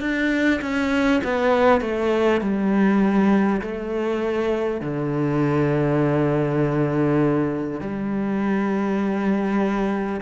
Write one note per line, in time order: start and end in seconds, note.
0.00 0.60 D4
0.61 1.21 C#4
1.23 1.81 B3
1.81 2.41 A3
2.41 3.61 G3
3.61 4.81 A3
4.81 7.80 D3
7.80 10.20 G3